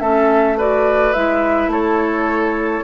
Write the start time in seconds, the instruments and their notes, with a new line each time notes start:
0.00 bassoon A3, clarinet C#4, oboe A4, flute E5
0.58 clarinet F#4, oboe B4, flute D5
1.13 bassoon G#3, clarinet E4, flute E5
1.68 bassoon A3, oboe A4, flute C#5